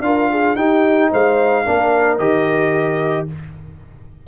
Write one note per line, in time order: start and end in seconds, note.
0.00 0.54 D4
0.00 0.57 F4
0.00 0.30 A#4
0.00 0.55 F5
0.30 0.57 G#4
0.55 1.09 D#4
0.55 1.65 D#4
0.55 1.11 G4
0.55 1.10 G5
1.11 1.66 G#3
1.11 1.65 C5
1.11 2.18 F5
1.65 2.18 A#3
1.65 2.19 D4
1.65 3.27 A#4
2.18 3.26 D#3
2.18 3.27 G4
2.18 3.26 D#5